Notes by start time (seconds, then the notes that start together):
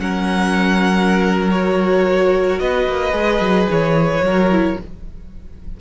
0.00 F#3 C#4 A#4 F#5
1.51 F#4 C#5
2.60 B3 B4 D#5
2.88 A#3
3.12 G#3 G#4
3.41 F#3
3.70 E3 C#5
4.22 F#3 F#4 A#4
4.51 E4